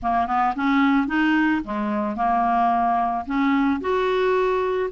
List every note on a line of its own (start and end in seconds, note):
0.02 0.26 A#3
0.26 0.54 B3
0.55 1.07 C#4
1.07 1.61 D#4
1.64 2.16 G#3
2.16 3.25 A#3
3.26 3.80 C#4
3.81 4.90 F#4